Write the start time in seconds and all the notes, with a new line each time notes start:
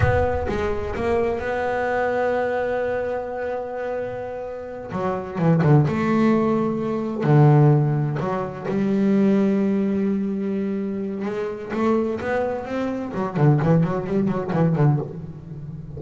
0.00 B3
0.48 G#3
0.95 A#3
1.39 B3
4.91 F#3
5.38 E3
5.62 D3
5.87 A3
7.23 D3
8.19 F#3
8.68 G3
11.25 G#3
11.73 A3
12.20 B3
12.65 C4
13.14 F#3
13.36 D3
13.62 E3
13.83 F#3
14.06 G3
14.27 F#3
14.52 E3
14.75 D3